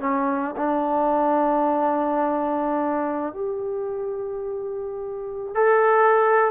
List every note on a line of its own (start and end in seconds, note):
0.00 0.56 C#4
0.57 3.33 D4
3.33 5.55 G4
5.55 6.51 A4